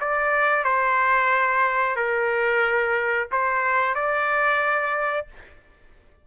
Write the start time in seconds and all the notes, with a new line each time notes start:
0.00 D5
0.64 C5
1.96 A#4
3.31 C5
3.94 D5